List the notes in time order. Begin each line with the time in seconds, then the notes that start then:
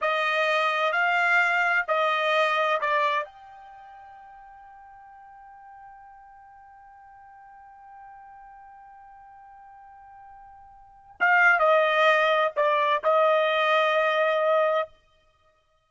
0.01 D#5
0.92 F5
1.87 D#5
2.80 D5
3.24 G5
11.20 F5
11.59 D#5
12.56 D5
13.03 D#5